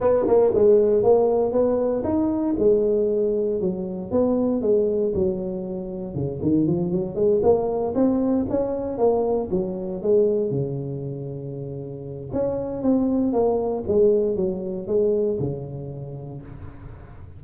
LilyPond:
\new Staff \with { instrumentName = "tuba" } { \time 4/4 \tempo 4 = 117 b8 ais8 gis4 ais4 b4 | dis'4 gis2 fis4 | b4 gis4 fis2 | cis8 dis8 f8 fis8 gis8 ais4 c'8~ |
c'8 cis'4 ais4 fis4 gis8~ | gis8 cis2.~ cis8 | cis'4 c'4 ais4 gis4 | fis4 gis4 cis2 | }